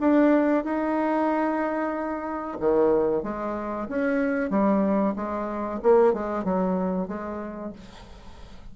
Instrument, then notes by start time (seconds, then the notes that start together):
bassoon
0.00 D4
0.64 D#4
2.59 D#3
3.23 G#3
3.88 C#4
4.50 G3
5.16 G#3
5.82 A#3
6.13 G#3
6.44 F#3
7.08 G#3